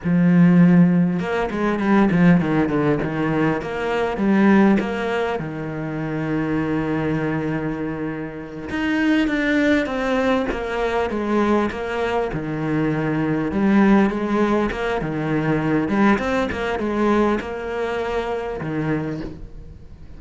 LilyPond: \new Staff \with { instrumentName = "cello" } { \time 4/4 \tempo 4 = 100 f2 ais8 gis8 g8 f8 | dis8 d8 dis4 ais4 g4 | ais4 dis2.~ | dis2~ dis8 dis'4 d'8~ |
d'8 c'4 ais4 gis4 ais8~ | ais8 dis2 g4 gis8~ | gis8 ais8 dis4. g8 c'8 ais8 | gis4 ais2 dis4 | }